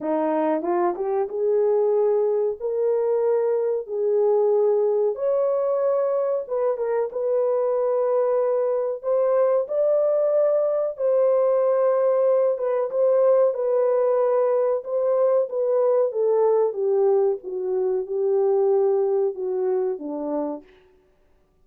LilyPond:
\new Staff \with { instrumentName = "horn" } { \time 4/4 \tempo 4 = 93 dis'4 f'8 g'8 gis'2 | ais'2 gis'2 | cis''2 b'8 ais'8 b'4~ | b'2 c''4 d''4~ |
d''4 c''2~ c''8 b'8 | c''4 b'2 c''4 | b'4 a'4 g'4 fis'4 | g'2 fis'4 d'4 | }